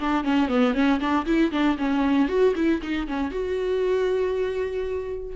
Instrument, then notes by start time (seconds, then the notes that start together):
viola
0.00 D4
0.24 C#4
0.49 B3
0.74 C#4
1.00 D4
1.26 E4
1.52 D4
1.78 C#4
2.28 F#4
2.55 E4
2.82 D#4
3.07 C#4
3.31 F#4